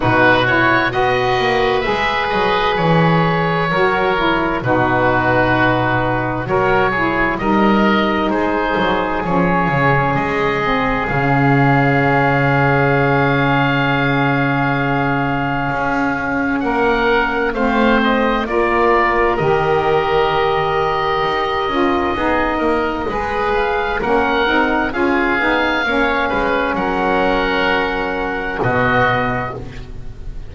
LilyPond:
<<
  \new Staff \with { instrumentName = "oboe" } { \time 4/4 \tempo 4 = 65 b'8 cis''8 dis''4 e''8 dis''8 cis''4~ | cis''4 b'2 cis''4 | dis''4 c''4 cis''4 dis''4 | f''1~ |
f''2 fis''4 f''8 dis''8 | d''4 dis''2.~ | dis''4. f''8 fis''4 f''4~ | f''4 fis''2 dis''4 | }
  \new Staff \with { instrumentName = "oboe" } { \time 4/4 fis'4 b'2. | ais'4 fis'2 ais'8 gis'8 | ais'4 gis'2.~ | gis'1~ |
gis'2 ais'4 c''4 | ais'1 | gis'8 ais'8 b'4 ais'4 gis'4 | cis''8 b'8 ais'2 fis'4 | }
  \new Staff \with { instrumentName = "saxophone" } { \time 4/4 dis'8 e'8 fis'4 gis'2 | fis'8 e'8 dis'2 fis'8 e'8 | dis'2 cis'4. c'8 | cis'1~ |
cis'2. c'4 | f'4 g'2~ g'8 f'8 | dis'4 gis'4 cis'8 dis'8 f'8 dis'8 | cis'2. b4 | }
  \new Staff \with { instrumentName = "double bass" } { \time 4/4 b,4 b8 ais8 gis8 fis8 e4 | fis4 b,2 fis4 | g4 gis8 fis8 f8 cis8 gis4 | cis1~ |
cis4 cis'4 ais4 a4 | ais4 dis2 dis'8 cis'8 | b8 ais8 gis4 ais8 c'8 cis'8 b8 | ais8 gis8 fis2 b,4 | }
>>